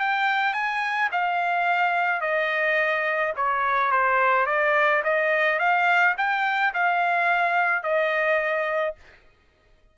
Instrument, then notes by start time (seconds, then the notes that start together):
trumpet
0.00 G5
0.53 G#5
1.12 F5
2.21 D#5
3.36 C#5
3.91 C5
4.46 D5
5.04 D#5
5.59 F5
6.17 G5
6.74 F5
7.83 D#5